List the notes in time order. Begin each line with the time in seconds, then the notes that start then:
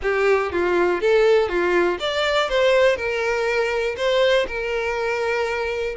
0.02 G4
0.52 F4
1.01 A4
1.48 F4
1.99 D5
2.49 C5
2.96 A#4
3.96 C5
4.47 A#4